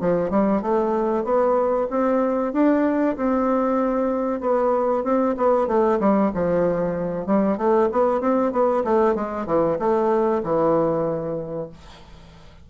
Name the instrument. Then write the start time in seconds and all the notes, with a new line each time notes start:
bassoon
0.00 F3
0.30 G3
0.61 A3
1.24 B3
1.90 C4
2.53 D4
3.17 C4
4.40 B3
5.04 C4
5.37 B3
5.67 A3
6.00 G3
6.34 F3
7.26 G3
7.57 A3
7.91 B3
8.20 C4
8.52 B3
8.84 A3
9.15 G#3
9.46 E3
9.79 A3
10.43 E3